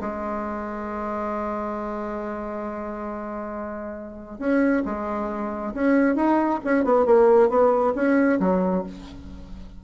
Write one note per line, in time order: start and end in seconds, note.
0.00 4.39 G#3
4.39 4.83 C#4
4.85 5.73 G#3
5.74 6.15 C#4
6.15 6.60 D#4
6.64 6.84 C#4
6.84 7.05 B3
7.05 7.49 A#3
7.49 7.93 B3
7.95 8.39 C#4
8.39 8.83 F#3